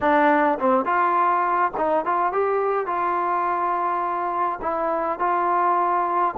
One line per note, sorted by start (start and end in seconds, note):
0.01 0.58 D4
0.58 0.85 C4
0.85 1.71 F4
1.77 2.05 D#4
2.05 2.32 F4
2.32 2.86 G4
2.86 4.59 F4
4.61 5.19 E4
5.19 6.34 F4